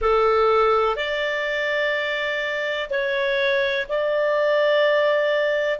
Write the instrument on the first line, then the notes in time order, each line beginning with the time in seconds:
clarinet
0.01 A4
0.96 D5
2.90 C#5
3.88 D5